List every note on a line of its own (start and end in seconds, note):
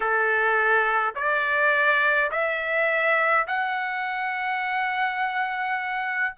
0.00 1.14 A4
1.15 2.30 D5
2.31 3.46 E5
3.47 6.35 F#5